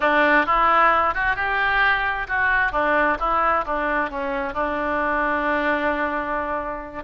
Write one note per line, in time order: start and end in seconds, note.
0.00 0.46 D4
0.46 1.14 E4
1.14 1.36 F#4
1.36 2.27 G4
2.27 2.71 F#4
2.71 3.17 D4
3.19 3.65 E4
3.65 4.10 D4
4.10 4.53 C#4
4.53 7.03 D4